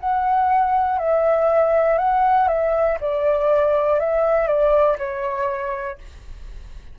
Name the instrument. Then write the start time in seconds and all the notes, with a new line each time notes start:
flute
0.00 F#5
0.99 E5
1.99 F#5
2.48 E5
3.00 D5
4.00 E5
4.47 D5
4.98 C#5